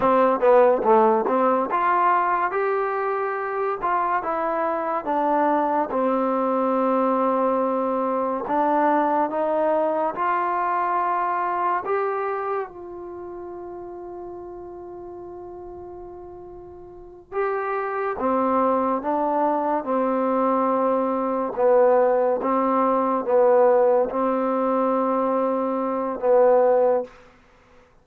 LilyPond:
\new Staff \with { instrumentName = "trombone" } { \time 4/4 \tempo 4 = 71 c'8 b8 a8 c'8 f'4 g'4~ | g'8 f'8 e'4 d'4 c'4~ | c'2 d'4 dis'4 | f'2 g'4 f'4~ |
f'1~ | f'8 g'4 c'4 d'4 c'8~ | c'4. b4 c'4 b8~ | b8 c'2~ c'8 b4 | }